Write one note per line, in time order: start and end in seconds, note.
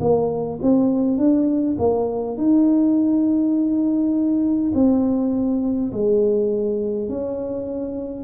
0.00 0.59 A#3
0.61 1.18 C4
1.18 1.76 D4
1.78 2.37 A#3
2.37 4.72 D#4
4.74 5.92 C4
5.92 7.09 G#3
7.09 8.24 C#4